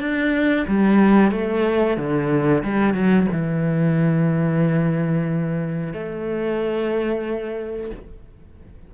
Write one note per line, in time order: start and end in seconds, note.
0.00 0.66 D4
0.68 1.31 G3
1.31 1.97 A3
1.97 2.63 D3
2.64 2.94 G3
2.94 3.27 F#3
3.32 5.93 E3
5.93 7.91 A3